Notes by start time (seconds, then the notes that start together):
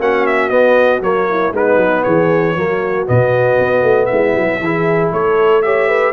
0.00 A#3 C#4 F#4 F#5
0.27 E5
0.50 B3 D#5
1.01 F#3 A#3 C#5
1.30 E4
1.52 G#3 B3 D#4 B4
1.77 F#3
2.04 E3 G#4 C#5
2.56 F#3 A#3 F#4
3.06 B2 B3 D#5
3.59 B3
3.83 A3
4.06 E4 E5
4.12 G#3
4.35 F#3
4.60 E3 E4 G#4
5.13 A3 A4 C#5
5.62 G4 C#5 E5
5.88 B4